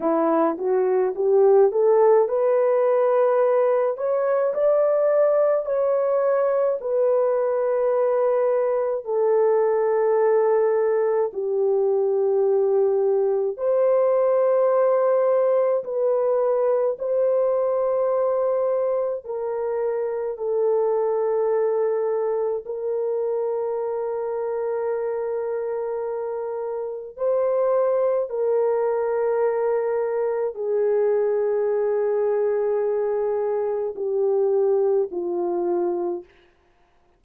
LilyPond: \new Staff \with { instrumentName = "horn" } { \time 4/4 \tempo 4 = 53 e'8 fis'8 g'8 a'8 b'4. cis''8 | d''4 cis''4 b'2 | a'2 g'2 | c''2 b'4 c''4~ |
c''4 ais'4 a'2 | ais'1 | c''4 ais'2 gis'4~ | gis'2 g'4 f'4 | }